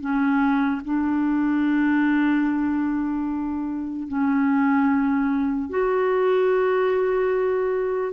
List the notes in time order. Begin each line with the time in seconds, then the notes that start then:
0.00 C#4
0.84 D4
4.08 C#4
5.69 F#4